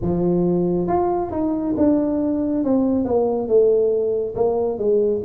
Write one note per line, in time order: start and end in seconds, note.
0.01 0.87 F3
0.87 1.31 F4
1.31 1.74 D#4
1.77 2.64 D4
2.64 3.04 C4
3.04 3.47 A#3
3.47 4.34 A3
4.35 4.78 A#3
4.78 5.21 G#3